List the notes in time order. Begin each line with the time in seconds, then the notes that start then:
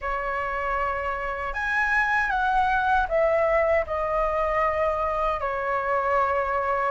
0.01 C#5
1.53 G#5
2.30 F#5
3.08 E5
3.86 D#5
5.40 C#5